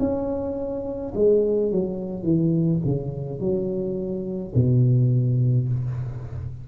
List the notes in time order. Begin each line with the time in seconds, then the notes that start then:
0.00 C#4
1.15 G#3
1.72 F#3
2.23 E3
2.86 C#3
3.40 F#3
4.56 B2